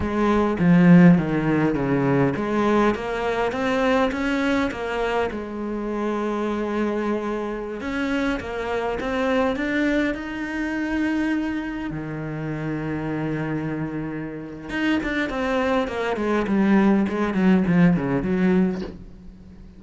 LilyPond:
\new Staff \with { instrumentName = "cello" } { \time 4/4 \tempo 4 = 102 gis4 f4 dis4 cis4 | gis4 ais4 c'4 cis'4 | ais4 gis2.~ | gis4~ gis16 cis'4 ais4 c'8.~ |
c'16 d'4 dis'2~ dis'8.~ | dis'16 dis2.~ dis8.~ | dis4 dis'8 d'8 c'4 ais8 gis8 | g4 gis8 fis8 f8 cis8 fis4 | }